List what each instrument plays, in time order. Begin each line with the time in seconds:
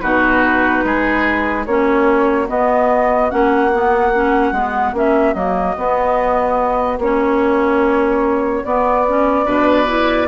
0.00 bassoon B2, clarinet D#4, oboe F#4, flute B4
0.84 bassoon G#3, oboe G#4
1.65 bassoon A#3, clarinet C#4, oboe F#4, flute C#5
2.47 clarinet B3, bassoon B3, flute D#5
3.29 bassoon A#3, clarinet C#4, flute F#5
3.72 clarinet B3
4.13 clarinet C#4
4.52 bassoon G#3, clarinet B3
4.93 bassoon A#3, clarinet C#4, flute E5
5.33 bassoon F#3, clarinet A#3, flute D#5
5.77 bassoon B3, clarinet B3
6.98 bassoon A#3, clarinet C#4, flute C#5
8.64 clarinet B3, bassoon B3, flute D5
9.07 clarinet C#4
9.45 bassoon B2, clarinet D4, oboe B4
9.87 clarinet E4